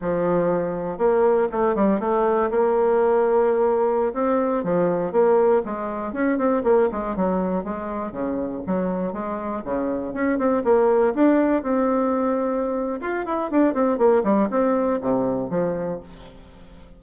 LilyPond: \new Staff \with { instrumentName = "bassoon" } { \time 4/4 \tempo 4 = 120 f2 ais4 a8 g8 | a4 ais2.~ | ais16 c'4 f4 ais4 gis8.~ | gis16 cis'8 c'8 ais8 gis8 fis4 gis8.~ |
gis16 cis4 fis4 gis4 cis8.~ | cis16 cis'8 c'8 ais4 d'4 c'8.~ | c'2 f'8 e'8 d'8 c'8 | ais8 g8 c'4 c4 f4 | }